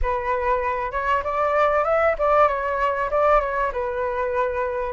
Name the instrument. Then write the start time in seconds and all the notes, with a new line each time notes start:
flute
0.01 B4
0.91 C#5
1.23 D5
1.84 E5
2.18 D5
2.47 C#5
3.10 D5
3.40 C#5
3.72 B4